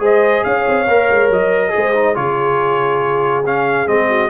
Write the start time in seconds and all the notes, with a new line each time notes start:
0.00 G#3 G#4 C5 D#5
0.44 C#4 C#5 F5
0.69 C4
0.88 A#3 A#4
1.11 G#3
1.30 F#3 D#5
1.70 G#4 C5
1.77 G#3
1.94 D#4
2.15 C#3 F4 G#4 C#5
3.46 C#4 F5
3.87 G#3 C4 D#5
4.09 F#4